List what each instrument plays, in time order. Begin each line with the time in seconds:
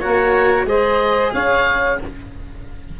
0.00 tuba A#3, cello F#4, saxophone A#4, oboe C#5
0.65 tuba G#3, cello G#4, saxophone C5, oboe D#5
1.32 tuba C#4, saxophone C#5, oboe F5